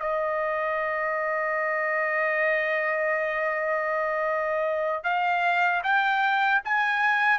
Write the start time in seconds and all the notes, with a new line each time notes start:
0.00 D#5
5.04 F5
5.84 G5
6.65 G#5